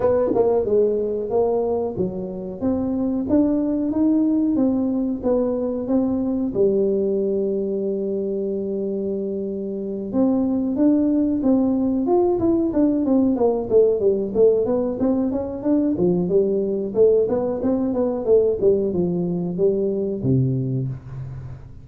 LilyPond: \new Staff \with { instrumentName = "tuba" } { \time 4/4 \tempo 4 = 92 b8 ais8 gis4 ais4 fis4 | c'4 d'4 dis'4 c'4 | b4 c'4 g2~ | g2.~ g8 c'8~ |
c'8 d'4 c'4 f'8 e'8 d'8 | c'8 ais8 a8 g8 a8 b8 c'8 cis'8 | d'8 f8 g4 a8 b8 c'8 b8 | a8 g8 f4 g4 c4 | }